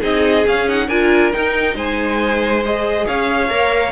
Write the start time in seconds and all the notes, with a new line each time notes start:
0.00 C4 D#4 G#4 D#5
0.47 C#4 F5
0.67 D#4 F#5
0.87 D4 F4 A#4 G#5
1.32 D#4 G5
1.75 G#3 C5 G#5
2.65 G#4 D#5
3.06 C#4 C#5 F5
3.49 A#3 A#4